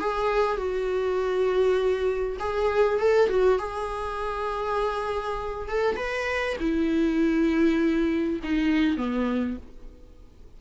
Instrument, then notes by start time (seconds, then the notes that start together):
viola
0.00 G#4
0.57 F#4
2.39 G#4
2.99 A4
3.29 F#4
3.59 G#4
5.69 A4
5.96 B4
6.60 E4
8.44 D#4
8.97 B3